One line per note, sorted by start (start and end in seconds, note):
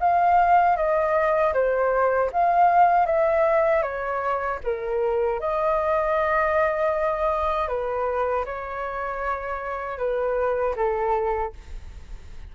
0.00 0.76 F5
0.76 1.53 D#5
1.53 2.30 C5
2.33 3.06 F5
3.06 3.83 E5
3.83 4.59 C#5
4.64 5.40 A#4
5.40 7.68 D#5
7.68 8.45 B4
8.45 9.98 C#5
9.98 10.75 B4
10.76 11.53 A4